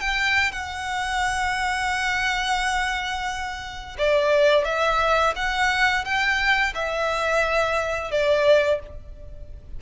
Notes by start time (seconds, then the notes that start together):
0.00 G5
0.52 F#5
3.98 D5
4.65 E5
5.35 F#5
6.04 G5
6.75 E5
8.11 D5